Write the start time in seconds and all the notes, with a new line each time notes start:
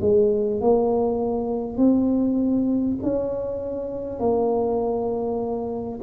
0.00 G#3
0.60 A#3
1.77 C4
3.02 C#4
4.19 A#3